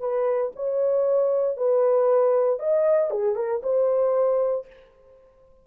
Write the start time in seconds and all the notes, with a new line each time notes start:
0.00 B4
0.56 C#5
1.57 B4
2.60 D#5
3.11 G#4
3.36 A#4
3.63 C5